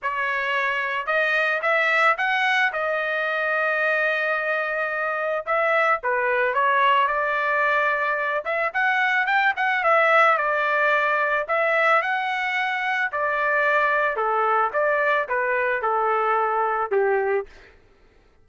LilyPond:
\new Staff \with { instrumentName = "trumpet" } { \time 4/4 \tempo 4 = 110 cis''2 dis''4 e''4 | fis''4 dis''2.~ | dis''2 e''4 b'4 | cis''4 d''2~ d''8 e''8 |
fis''4 g''8 fis''8 e''4 d''4~ | d''4 e''4 fis''2 | d''2 a'4 d''4 | b'4 a'2 g'4 | }